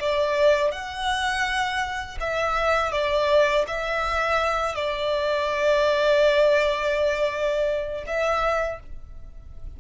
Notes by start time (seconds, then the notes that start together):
0.00 D5
0.71 F#5
2.20 E5
2.92 D5
3.68 E5
4.75 D5
8.07 E5